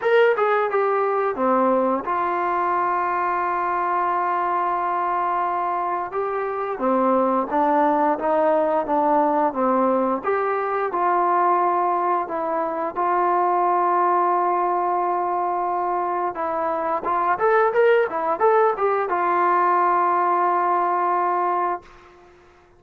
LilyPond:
\new Staff \with { instrumentName = "trombone" } { \time 4/4 \tempo 4 = 88 ais'8 gis'8 g'4 c'4 f'4~ | f'1~ | f'4 g'4 c'4 d'4 | dis'4 d'4 c'4 g'4 |
f'2 e'4 f'4~ | f'1 | e'4 f'8 a'8 ais'8 e'8 a'8 g'8 | f'1 | }